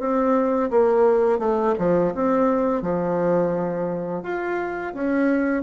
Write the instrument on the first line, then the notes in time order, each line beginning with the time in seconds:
bassoon
0.00 C4
0.71 A#3
1.39 A3
1.79 F3
2.15 C4
2.82 F3
4.23 F4
4.94 C#4